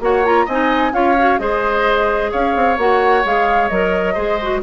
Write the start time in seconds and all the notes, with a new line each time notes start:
0.00 A#3 F#4 C#5 F#5
0.24 F4 A#5
0.46 C4 D#4 D#5 G#5
0.93 C#4 F4 C#5 F5
1.18 F#4
1.39 G#3 G#4 C5 D#5
2.31 C#4 C#5 F5
2.56 C4
2.77 A#3 F#4 F#5
3.25 G#3 G#4 F5
3.68 F#3 A#4 D#5
4.14 G#3 G#4 C5
4.42 F#4